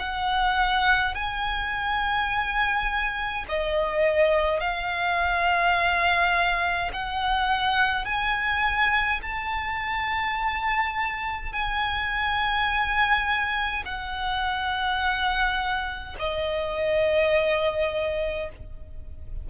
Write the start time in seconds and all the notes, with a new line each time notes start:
0.00 F#5
1.15 G#5
3.49 D#5
4.61 F5
6.93 F#5
8.06 G#5
9.23 A5
11.53 G#5
13.86 F#5
16.20 D#5